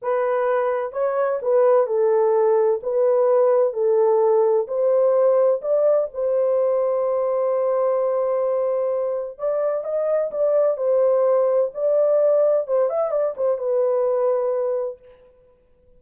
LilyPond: \new Staff \with { instrumentName = "horn" } { \time 4/4 \tempo 4 = 128 b'2 cis''4 b'4 | a'2 b'2 | a'2 c''2 | d''4 c''2.~ |
c''1 | d''4 dis''4 d''4 c''4~ | c''4 d''2 c''8 e''8 | d''8 c''8 b'2. | }